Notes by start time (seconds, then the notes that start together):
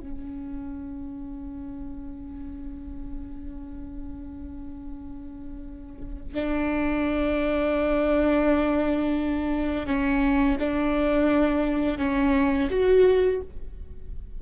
0.00 C#4
6.34 D4
9.87 C#4
10.59 D4
11.98 C#4
12.71 F#4